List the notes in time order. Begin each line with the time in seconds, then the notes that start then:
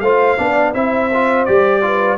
0.00 A3 F4 C5 F5
0.37 B3 D4 D5
0.74 C4 E4 C5 E5
1.13 F4
1.45 G3 G4 D5
1.82 F4 B4